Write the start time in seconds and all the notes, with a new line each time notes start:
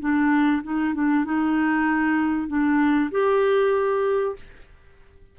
0.00 D4
0.63 D#4
0.94 D4
1.25 D#4
2.48 D4
3.11 G4